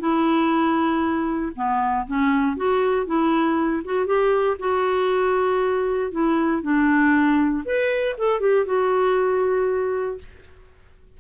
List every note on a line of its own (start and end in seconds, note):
0.00 1.53 E4
1.56 2.07 B3
2.07 2.57 C#4
2.57 3.07 F#4
3.07 3.83 E4
3.85 4.07 F#4
4.07 4.57 G4
4.59 6.12 F#4
6.12 6.63 E4
6.63 7.64 D4
7.65 8.16 B4
8.18 8.41 A4
8.41 8.66 G4
8.66 10.19 F#4